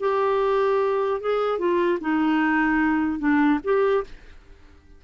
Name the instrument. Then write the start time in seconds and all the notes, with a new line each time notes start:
clarinet
0.00 G4
1.20 G#4
1.59 F4
2.01 D#4
3.19 D4
3.64 G4